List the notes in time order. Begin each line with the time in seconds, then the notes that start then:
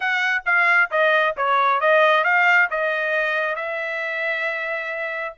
0.00 F#5
0.45 F5
0.90 D#5
1.36 C#5
1.80 D#5
2.24 F5
2.70 D#5
3.55 E5